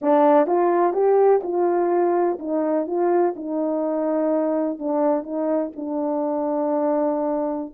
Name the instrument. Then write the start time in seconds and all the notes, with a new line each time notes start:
horn
0.01 D4
0.47 F4
0.93 G4
1.43 F4
2.39 D#4
2.86 F4
3.35 D#4
4.78 D4
5.23 D#4
5.76 D4